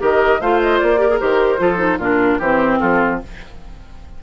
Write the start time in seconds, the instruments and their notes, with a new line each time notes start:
0.00 bassoon D#3, clarinet G4, oboe A#4, flute D#5
0.41 bassoon A3, clarinet F4, oboe C5, flute F5
0.61 flute D#5
0.79 bassoon A#3, flute D5
0.98 clarinet G4, oboe A#4
1.10 clarinet G#4
1.20 bassoon D#3, clarinet G4, flute C5
1.59 bassoon F3, clarinet F4, oboe A4
1.78 clarinet D#4
1.98 bassoon A#2, clarinet D4, oboe F4, flute A#4
2.39 bassoon E3, clarinet C4, oboe G4, flute C5
2.80 bassoon F3, oboe F4, flute A4